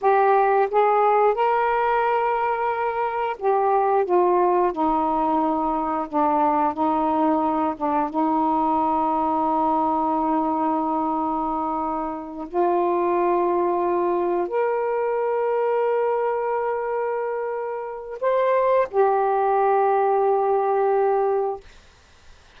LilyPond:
\new Staff \with { instrumentName = "saxophone" } { \time 4/4 \tempo 4 = 89 g'4 gis'4 ais'2~ | ais'4 g'4 f'4 dis'4~ | dis'4 d'4 dis'4. d'8 | dis'1~ |
dis'2~ dis'8 f'4.~ | f'4. ais'2~ ais'8~ | ais'2. c''4 | g'1 | }